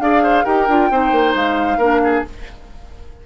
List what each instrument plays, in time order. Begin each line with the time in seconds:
0.00 bassoon D4, clarinet G#4, oboe D5, flute F5
0.23 oboe C5
0.44 bassoon D#4, clarinet G4, oboe A#4, flute G5
0.68 bassoon D4, clarinet F4
0.90 bassoon C4, clarinet D#4, oboe C5
1.11 bassoon A#3
1.35 bassoon G#3, flute F5
1.78 bassoon A#3, clarinet D4, oboe A#4
2.04 oboe G#4